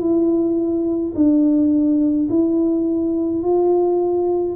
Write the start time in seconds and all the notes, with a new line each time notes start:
0.00 E4
1.15 D4
2.30 E4
3.43 F4